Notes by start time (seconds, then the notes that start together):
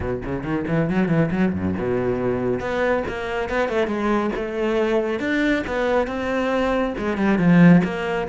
0.00 B2
0.24 C#3
0.43 D#3
0.67 E3
0.89 F#3
1.08 E3
1.31 F#3
1.53 F#2
1.78 B2
2.59 B3
3.08 A#3
3.49 B3
3.69 A3
3.87 G#3
4.35 A3
5.19 D4
5.66 B3
6.07 C4
6.98 G#3
7.17 G3
7.38 F3
7.84 A#3